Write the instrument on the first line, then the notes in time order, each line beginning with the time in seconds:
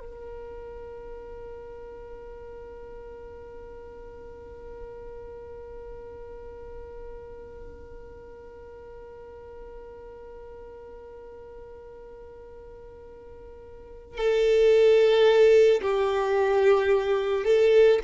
violin
0.00 A#4
14.18 A4
15.82 G4
17.44 A4